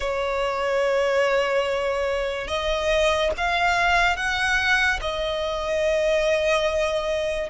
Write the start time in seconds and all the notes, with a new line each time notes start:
0.00 C#5
2.47 D#5
3.37 F5
4.16 F#5
5.01 D#5